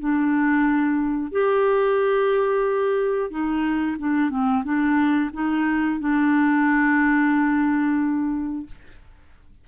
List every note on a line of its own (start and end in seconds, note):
0.00 1.32 D4
1.32 3.31 G4
3.31 3.97 D#4
3.99 4.31 D4
4.31 4.64 C4
4.64 5.31 D4
5.34 6.00 D#4
6.00 8.67 D4